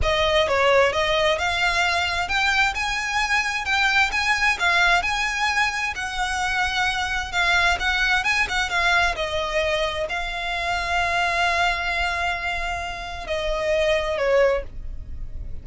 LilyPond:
\new Staff \with { instrumentName = "violin" } { \time 4/4 \tempo 4 = 131 dis''4 cis''4 dis''4 f''4~ | f''4 g''4 gis''2 | g''4 gis''4 f''4 gis''4~ | gis''4 fis''2. |
f''4 fis''4 gis''8 fis''8 f''4 | dis''2 f''2~ | f''1~ | f''4 dis''2 cis''4 | }